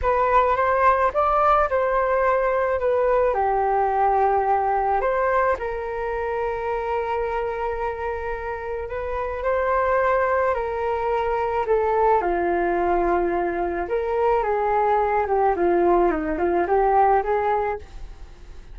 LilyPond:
\new Staff \with { instrumentName = "flute" } { \time 4/4 \tempo 4 = 108 b'4 c''4 d''4 c''4~ | c''4 b'4 g'2~ | g'4 c''4 ais'2~ | ais'1 |
b'4 c''2 ais'4~ | ais'4 a'4 f'2~ | f'4 ais'4 gis'4. g'8 | f'4 dis'8 f'8 g'4 gis'4 | }